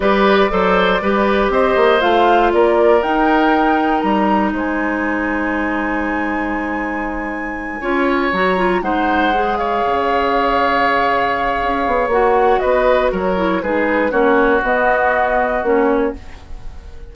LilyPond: <<
  \new Staff \with { instrumentName = "flute" } { \time 4/4 \tempo 4 = 119 d''2. dis''4 | f''4 d''4 g''2 | ais''4 gis''2.~ | gis''1~ |
gis''8 ais''4 fis''4. f''4~ | f''1 | fis''4 dis''4 cis''4 b'4 | cis''4 dis''2 cis''4 | }
  \new Staff \with { instrumentName = "oboe" } { \time 4/4 b'4 c''4 b'4 c''4~ | c''4 ais'2.~ | ais'4 c''2.~ | c''2.~ c''8 cis''8~ |
cis''4. c''4. cis''4~ | cis''1~ | cis''4 b'4 ais'4 gis'4 | fis'1 | }
  \new Staff \with { instrumentName = "clarinet" } { \time 4/4 g'4 a'4 g'2 | f'2 dis'2~ | dis'1~ | dis'2.~ dis'8 f'8~ |
f'8 fis'8 f'8 dis'4 gis'4.~ | gis'1 | fis'2~ fis'8 e'8 dis'4 | cis'4 b2 cis'4 | }
  \new Staff \with { instrumentName = "bassoon" } { \time 4/4 g4 fis4 g4 c'8 ais8 | a4 ais4 dis'2 | g4 gis2.~ | gis2.~ gis8 cis'8~ |
cis'8 fis4 gis2 cis8~ | cis2. cis'8 b8 | ais4 b4 fis4 gis4 | ais4 b2 ais4 | }
>>